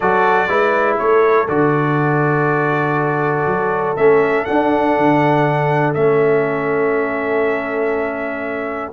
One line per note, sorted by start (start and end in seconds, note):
0.00 0.48 F#3
0.00 0.48 F#4
0.00 0.49 A4
0.00 0.96 D5
0.48 0.98 G#3
0.48 1.47 E4
0.48 0.99 B4
0.98 1.48 A3
0.98 8.92 A4
0.98 1.47 C#5
1.48 3.46 D3
1.48 3.96 F#4
1.48 3.96 D5
3.46 3.96 F#3
3.96 4.47 A3
3.96 4.47 C#4
3.96 4.44 E5
4.44 5.95 D4
4.44 4.97 D4
4.44 5.93 F#5
4.97 5.96 D3
5.94 8.92 A3
5.94 8.92 C#4
5.94 8.91 E5